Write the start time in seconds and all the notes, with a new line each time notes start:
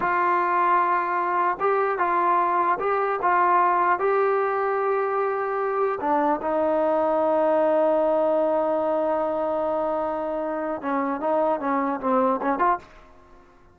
0.00 F4
1.59 G4
1.98 F4
2.79 G4
3.22 F4
3.99 G4
6.00 D4
6.41 D#4
10.81 C#4
11.20 D#4
11.59 C#4
12.00 C4
12.41 C#4
12.58 F4